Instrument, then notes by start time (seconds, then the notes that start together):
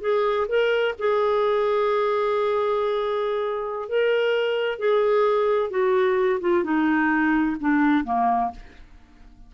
clarinet
0.00 G#4
0.48 A#4
0.98 G#4
3.88 A#4
4.78 G#4
5.70 F#4
6.40 F4
6.63 D#4
7.60 D4
8.04 A#3